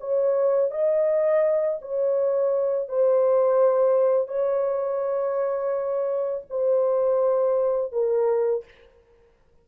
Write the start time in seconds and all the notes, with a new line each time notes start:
0.00 C#5
0.71 D#5
1.81 C#5
2.88 C5
4.28 C#5
6.50 C5
7.92 A#4